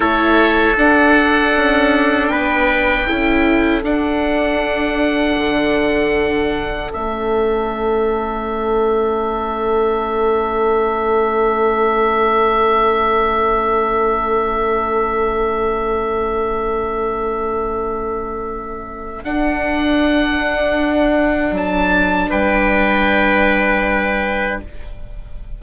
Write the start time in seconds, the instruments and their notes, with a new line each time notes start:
0.00 bassoon A3, viola E4, trumpet A4, oboe C#5
0.76 bassoon D4, viola D4, oboe F#5
1.55 bassoon C#4
2.28 bassoon B3, trumpet B4, oboe G5
3.07 bassoon C#4, viola E4, trumpet A4
3.83 bassoon D4, viola D4, oboe F#5
5.37 bassoon D3
6.92 bassoon A3, viola C#4, oboe E5
19.24 viola D4, bassoon D4, oboe F#5
21.51 bassoon F#3, oboe A5
22.29 bassoon G3, trumpet B4, oboe G5